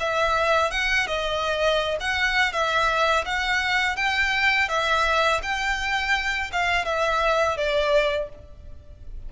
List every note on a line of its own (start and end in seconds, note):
0.00 0.71 E5
0.71 1.07 F#5
1.07 1.97 D#5
2.00 2.52 F#5
2.52 3.25 E5
3.25 3.96 F#5
3.96 4.69 G5
4.69 5.41 E5
5.43 6.51 G5
6.52 6.85 F5
6.85 7.57 E5
7.57 8.29 D5